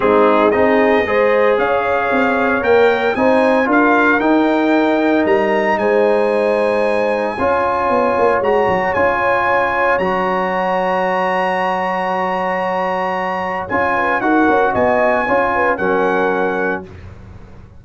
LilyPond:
<<
  \new Staff \with { instrumentName = "trumpet" } { \time 4/4 \tempo 4 = 114 gis'4 dis''2 f''4~ | f''4 g''4 gis''4 f''4 | g''2 ais''4 gis''4~ | gis''1 |
ais''4 gis''2 ais''4~ | ais''1~ | ais''2 gis''4 fis''4 | gis''2 fis''2 | }
  \new Staff \with { instrumentName = "horn" } { \time 4/4 dis'4 gis'4 c''4 cis''4~ | cis''2 c''4 ais'4~ | ais'2. c''4~ | c''2 cis''2~ |
cis''1~ | cis''1~ | cis''2~ cis''8 b'8 ais'4 | dis''4 cis''8 b'8 ais'2 | }
  \new Staff \with { instrumentName = "trombone" } { \time 4/4 c'4 dis'4 gis'2~ | gis'4 ais'4 dis'4 f'4 | dis'1~ | dis'2 f'2 |
fis'4 f'2 fis'4~ | fis'1~ | fis'2 f'4 fis'4~ | fis'4 f'4 cis'2 | }
  \new Staff \with { instrumentName = "tuba" } { \time 4/4 gis4 c'4 gis4 cis'4 | c'4 ais4 c'4 d'4 | dis'2 g4 gis4~ | gis2 cis'4 b8 ais8 |
gis8 fis8 cis'2 fis4~ | fis1~ | fis2 cis'4 dis'8 cis'8 | b4 cis'4 fis2 | }
>>